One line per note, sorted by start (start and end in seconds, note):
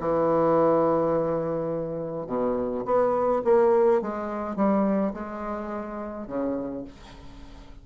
0.00 2.27 E3
2.27 2.84 B2
2.85 3.43 B3
3.45 4.02 A#3
4.02 4.56 G#3
4.56 5.14 G3
5.14 6.27 G#3
6.27 6.84 C#3